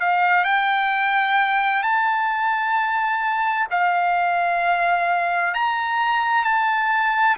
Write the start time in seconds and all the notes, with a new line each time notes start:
0.00 F5
0.44 G5
1.83 A5
3.70 F5
5.54 A#5
6.44 A5